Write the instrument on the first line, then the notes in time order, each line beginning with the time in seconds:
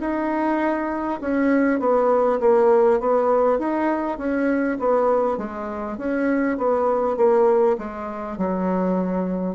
bassoon
0.00 D#4
1.21 C#4
1.79 B3
2.40 A#3
3.00 B3
3.59 D#4
4.18 C#4
4.79 B3
5.37 G#3
5.97 C#4
6.57 B3
7.17 A#3
7.78 G#3
8.37 F#3